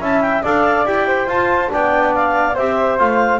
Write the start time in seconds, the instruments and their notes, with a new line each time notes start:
0.00 double bass C#4, trombone E4, flute E5, clarinet A5
0.21 clarinet G5
0.43 double bass D4, trombone A4, flute D5, clarinet F5
0.85 double bass E4, trombone G4, clarinet G5
1.07 flute C5
1.26 double bass F4, trombone F4, clarinet A5
1.69 double bass B3, trombone D4, flute D5, clarinet G5
2.15 clarinet F5
2.55 double bass C4, trombone G4, flute C5, clarinet E5
2.98 double bass A3, trombone F4, clarinet F5